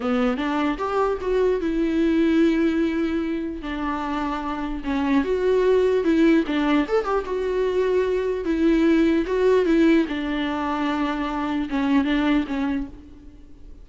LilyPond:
\new Staff \with { instrumentName = "viola" } { \time 4/4 \tempo 4 = 149 b4 d'4 g'4 fis'4 | e'1~ | e'4 d'2. | cis'4 fis'2 e'4 |
d'4 a'8 g'8 fis'2~ | fis'4 e'2 fis'4 | e'4 d'2.~ | d'4 cis'4 d'4 cis'4 | }